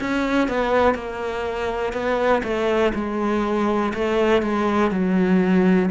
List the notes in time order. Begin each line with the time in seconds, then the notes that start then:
0.00 C#4
0.48 B3
0.94 A#3
1.93 B3
2.43 A3
2.94 G#3
3.94 A3
4.42 G#3
4.91 F#3